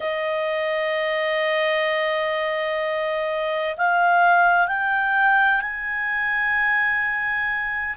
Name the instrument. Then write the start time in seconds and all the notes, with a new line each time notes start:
clarinet
0.00 D#5
3.77 F5
4.67 G5
5.61 G#5